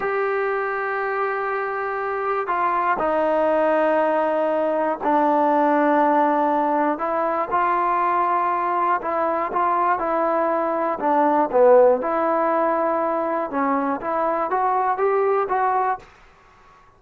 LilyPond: \new Staff \with { instrumentName = "trombone" } { \time 4/4 \tempo 4 = 120 g'1~ | g'4 f'4 dis'2~ | dis'2 d'2~ | d'2 e'4 f'4~ |
f'2 e'4 f'4 | e'2 d'4 b4 | e'2. cis'4 | e'4 fis'4 g'4 fis'4 | }